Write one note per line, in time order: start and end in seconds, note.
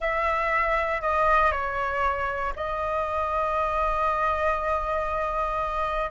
0.00 1.01 E5
1.01 1.51 D#5
1.51 2.53 C#5
2.56 6.10 D#5